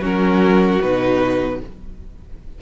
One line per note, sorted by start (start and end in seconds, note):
0.00 0.79 F#3
0.00 0.81 C#4
0.00 1.59 F#4
0.00 0.81 A#4
0.81 1.61 B2
0.81 1.62 D#4
0.81 1.60 B4